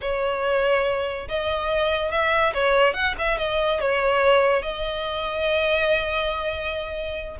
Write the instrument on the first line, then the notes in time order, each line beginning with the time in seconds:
violin
0.01 C#5
1.28 D#5
2.11 E5
2.54 C#5
2.93 F#5
3.18 E5
3.38 D#5
3.80 C#5
4.62 D#5